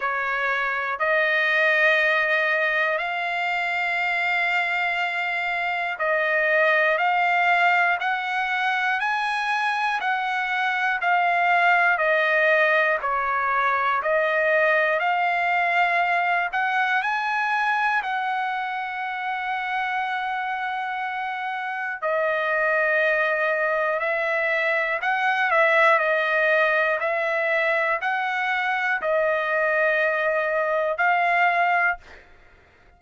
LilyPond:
\new Staff \with { instrumentName = "trumpet" } { \time 4/4 \tempo 4 = 60 cis''4 dis''2 f''4~ | f''2 dis''4 f''4 | fis''4 gis''4 fis''4 f''4 | dis''4 cis''4 dis''4 f''4~ |
f''8 fis''8 gis''4 fis''2~ | fis''2 dis''2 | e''4 fis''8 e''8 dis''4 e''4 | fis''4 dis''2 f''4 | }